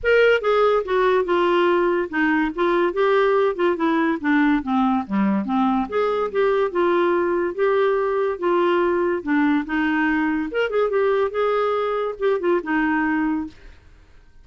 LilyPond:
\new Staff \with { instrumentName = "clarinet" } { \time 4/4 \tempo 4 = 143 ais'4 gis'4 fis'4 f'4~ | f'4 dis'4 f'4 g'4~ | g'8 f'8 e'4 d'4 c'4 | g4 c'4 gis'4 g'4 |
f'2 g'2 | f'2 d'4 dis'4~ | dis'4 ais'8 gis'8 g'4 gis'4~ | gis'4 g'8 f'8 dis'2 | }